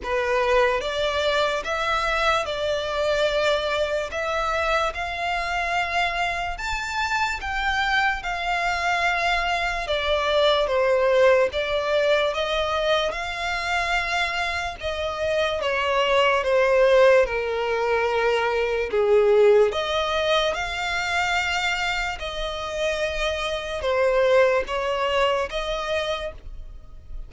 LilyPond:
\new Staff \with { instrumentName = "violin" } { \time 4/4 \tempo 4 = 73 b'4 d''4 e''4 d''4~ | d''4 e''4 f''2 | a''4 g''4 f''2 | d''4 c''4 d''4 dis''4 |
f''2 dis''4 cis''4 | c''4 ais'2 gis'4 | dis''4 f''2 dis''4~ | dis''4 c''4 cis''4 dis''4 | }